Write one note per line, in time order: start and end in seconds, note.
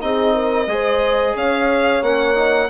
0.00 0.67 C4
0.00 0.67 D#4
0.00 0.35 G#4
0.00 1.36 D#5
0.35 0.69 A#4
0.67 1.34 G#3
0.67 2.03 G#4
0.67 1.36 C5
1.35 2.02 C#4
1.35 2.70 C#5
1.35 2.03 F5
2.02 2.70 A#3
2.02 2.35 C#4
2.02 2.70 F#5
2.35 2.69 D#4